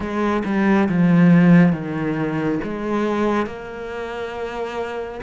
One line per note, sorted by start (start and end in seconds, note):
0.00 0.43 G#3
0.44 0.88 G3
0.88 1.72 F3
1.72 2.59 D#3
2.63 3.46 G#3
3.46 5.20 A#3